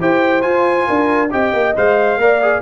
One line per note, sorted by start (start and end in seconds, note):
0.00 0.43 E4
0.00 0.41 G4
0.00 0.87 C5
0.00 0.41 G5
0.41 1.28 F4
0.41 0.87 F4
0.41 1.28 G#5
0.87 1.32 D4
0.87 1.30 A#4
1.30 1.53 C4
1.30 1.74 G4
1.30 2.18 D#5
1.30 1.75 G5
1.53 1.75 A#3
1.76 2.16 G#3
1.76 2.19 C5
1.76 2.61 F5
2.16 2.60 A#3
2.16 2.41 A#4
2.16 2.61 D5
2.42 2.61 G#4